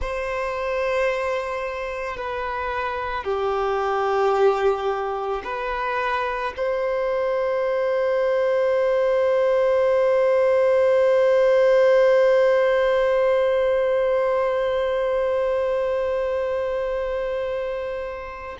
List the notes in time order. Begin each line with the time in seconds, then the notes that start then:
0.00 C5
2.17 B4
3.24 G4
5.43 B4
6.57 C5